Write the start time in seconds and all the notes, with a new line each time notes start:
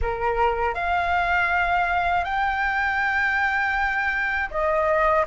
0.01 A#4
0.74 F5
2.24 G5
4.50 D#5